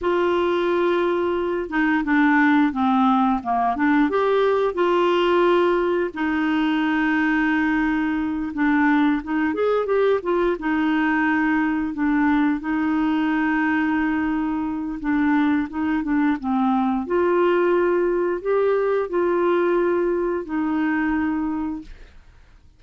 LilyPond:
\new Staff \with { instrumentName = "clarinet" } { \time 4/4 \tempo 4 = 88 f'2~ f'8 dis'8 d'4 | c'4 ais8 d'8 g'4 f'4~ | f'4 dis'2.~ | dis'8 d'4 dis'8 gis'8 g'8 f'8 dis'8~ |
dis'4. d'4 dis'4.~ | dis'2 d'4 dis'8 d'8 | c'4 f'2 g'4 | f'2 dis'2 | }